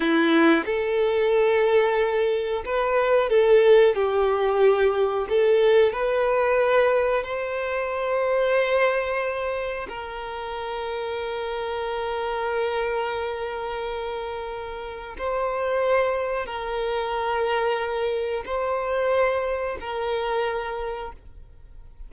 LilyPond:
\new Staff \with { instrumentName = "violin" } { \time 4/4 \tempo 4 = 91 e'4 a'2. | b'4 a'4 g'2 | a'4 b'2 c''4~ | c''2. ais'4~ |
ais'1~ | ais'2. c''4~ | c''4 ais'2. | c''2 ais'2 | }